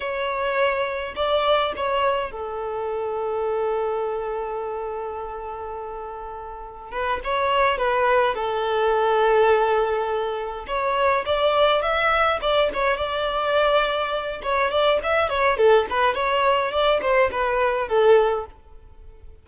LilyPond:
\new Staff \with { instrumentName = "violin" } { \time 4/4 \tempo 4 = 104 cis''2 d''4 cis''4 | a'1~ | a'1 | b'8 cis''4 b'4 a'4.~ |
a'2~ a'8 cis''4 d''8~ | d''8 e''4 d''8 cis''8 d''4.~ | d''4 cis''8 d''8 e''8 cis''8 a'8 b'8 | cis''4 d''8 c''8 b'4 a'4 | }